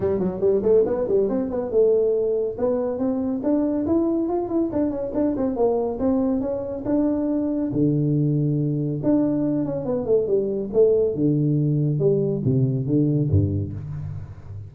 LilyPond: \new Staff \with { instrumentName = "tuba" } { \time 4/4 \tempo 4 = 140 g8 fis8 g8 a8 b8 g8 c'8 b8 | a2 b4 c'4 | d'4 e'4 f'8 e'8 d'8 cis'8 | d'8 c'8 ais4 c'4 cis'4 |
d'2 d2~ | d4 d'4. cis'8 b8 a8 | g4 a4 d2 | g4 c4 d4 g,4 | }